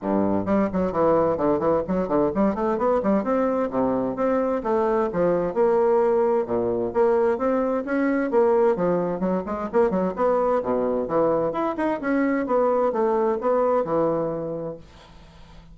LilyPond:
\new Staff \with { instrumentName = "bassoon" } { \time 4/4 \tempo 4 = 130 g,4 g8 fis8 e4 d8 e8 | fis8 d8 g8 a8 b8 g8 c'4 | c4 c'4 a4 f4 | ais2 ais,4 ais4 |
c'4 cis'4 ais4 f4 | fis8 gis8 ais8 fis8 b4 b,4 | e4 e'8 dis'8 cis'4 b4 | a4 b4 e2 | }